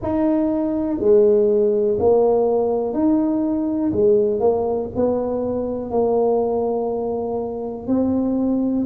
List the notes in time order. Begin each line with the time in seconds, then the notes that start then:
0.01 D#4
0.99 G#3
1.99 A#3
2.93 D#4
3.92 G#3
4.39 A#3
4.95 B3
5.90 A#3
7.87 C4